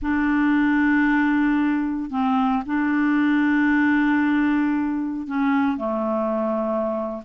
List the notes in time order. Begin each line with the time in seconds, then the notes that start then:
0.01 D4
2.10 C4
2.66 D4
5.27 C#4
5.77 A3